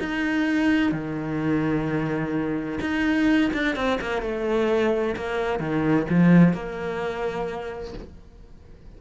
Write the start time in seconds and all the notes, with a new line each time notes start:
0.00 D#4
0.92 D#3
2.81 D#4
3.54 D4
3.76 C4
4.01 A#3
4.22 A3
5.17 A#3
5.60 D#3
6.10 F3
6.54 A#3